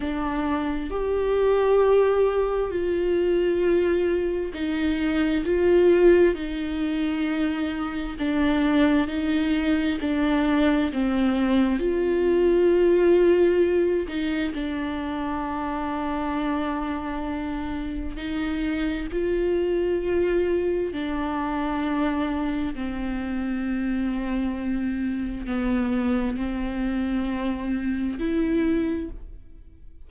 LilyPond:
\new Staff \with { instrumentName = "viola" } { \time 4/4 \tempo 4 = 66 d'4 g'2 f'4~ | f'4 dis'4 f'4 dis'4~ | dis'4 d'4 dis'4 d'4 | c'4 f'2~ f'8 dis'8 |
d'1 | dis'4 f'2 d'4~ | d'4 c'2. | b4 c'2 e'4 | }